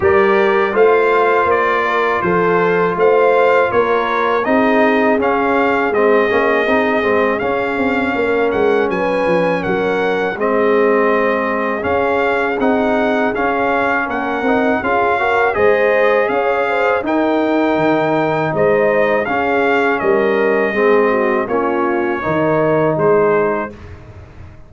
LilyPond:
<<
  \new Staff \with { instrumentName = "trumpet" } { \time 4/4 \tempo 4 = 81 d''4 f''4 d''4 c''4 | f''4 cis''4 dis''4 f''4 | dis''2 f''4. fis''8 | gis''4 fis''4 dis''2 |
f''4 fis''4 f''4 fis''4 | f''4 dis''4 f''4 g''4~ | g''4 dis''4 f''4 dis''4~ | dis''4 cis''2 c''4 | }
  \new Staff \with { instrumentName = "horn" } { \time 4/4 ais'4 c''4. ais'8 a'4 | c''4 ais'4 gis'2~ | gis'2. ais'4 | b'4 ais'4 gis'2~ |
gis'2. ais'4 | gis'8 ais'8 c''4 cis''8 c''8 ais'4~ | ais'4 c''4 gis'4 ais'4 | gis'8 fis'8 f'4 ais'4 gis'4 | }
  \new Staff \with { instrumentName = "trombone" } { \time 4/4 g'4 f'2.~ | f'2 dis'4 cis'4 | c'8 cis'8 dis'8 c'8 cis'2~ | cis'2 c'2 |
cis'4 dis'4 cis'4. dis'8 | f'8 fis'8 gis'2 dis'4~ | dis'2 cis'2 | c'4 cis'4 dis'2 | }
  \new Staff \with { instrumentName = "tuba" } { \time 4/4 g4 a4 ais4 f4 | a4 ais4 c'4 cis'4 | gis8 ais8 c'8 gis8 cis'8 c'8 ais8 gis8 | fis8 f8 fis4 gis2 |
cis'4 c'4 cis'4 ais8 c'8 | cis'4 gis4 cis'4 dis'4 | dis4 gis4 cis'4 g4 | gis4 ais4 dis4 gis4 | }
>>